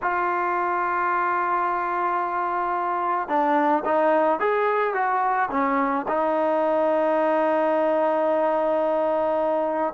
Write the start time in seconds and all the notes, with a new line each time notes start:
0.02 F4
3.28 D4
3.84 D#4
4.39 G#4
4.94 F#4
5.50 C#4
6.08 D#4